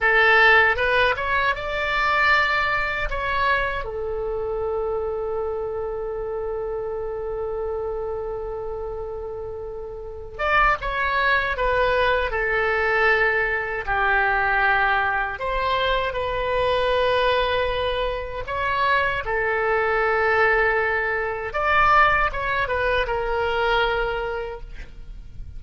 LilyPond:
\new Staff \with { instrumentName = "oboe" } { \time 4/4 \tempo 4 = 78 a'4 b'8 cis''8 d''2 | cis''4 a'2.~ | a'1~ | a'4. d''8 cis''4 b'4 |
a'2 g'2 | c''4 b'2. | cis''4 a'2. | d''4 cis''8 b'8 ais'2 | }